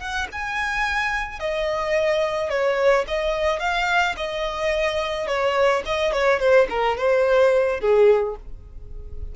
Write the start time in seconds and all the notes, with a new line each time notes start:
0.00 F#5
0.33 G#5
1.40 D#5
2.50 C#5
3.08 D#5
3.60 F5
4.17 D#5
5.28 C#5
5.86 D#5
6.13 C#5
6.40 C5
6.70 A#4
6.98 C5
7.81 G#4